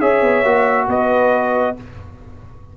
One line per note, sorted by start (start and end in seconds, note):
0.00 0.22 C#4
0.00 0.45 G#4
0.00 0.88 C#5
0.00 0.88 E5
0.22 0.44 B3
0.44 0.88 A#3
0.44 1.77 F#4
0.88 1.76 B3
0.88 1.75 B4
0.88 1.78 D#5